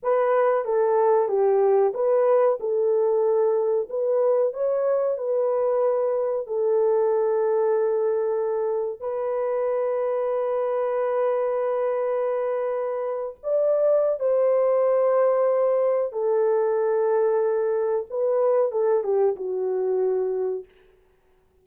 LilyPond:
\new Staff \with { instrumentName = "horn" } { \time 4/4 \tempo 4 = 93 b'4 a'4 g'4 b'4 | a'2 b'4 cis''4 | b'2 a'2~ | a'2 b'2~ |
b'1~ | b'8. d''4~ d''16 c''2~ | c''4 a'2. | b'4 a'8 g'8 fis'2 | }